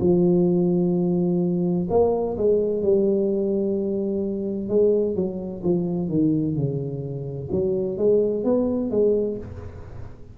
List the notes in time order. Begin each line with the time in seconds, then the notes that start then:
0.00 F3
1.90 A#3
2.37 G#3
2.83 G3
4.68 G#3
5.15 F#3
5.63 F3
6.08 D#3
6.55 C#3
7.51 F#3
7.97 G#3
8.44 B3
8.90 G#3